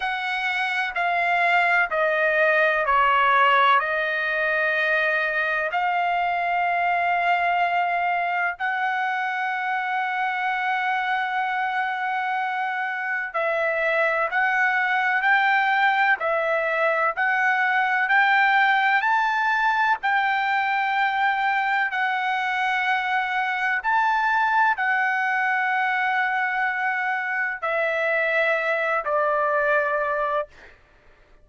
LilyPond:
\new Staff \with { instrumentName = "trumpet" } { \time 4/4 \tempo 4 = 63 fis''4 f''4 dis''4 cis''4 | dis''2 f''2~ | f''4 fis''2.~ | fis''2 e''4 fis''4 |
g''4 e''4 fis''4 g''4 | a''4 g''2 fis''4~ | fis''4 a''4 fis''2~ | fis''4 e''4. d''4. | }